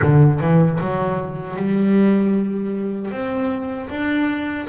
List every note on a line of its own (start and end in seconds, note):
0.02 0.40 D3
0.40 0.79 E3
0.80 1.56 F#3
1.56 3.11 G3
3.11 3.89 C4
3.89 4.67 D4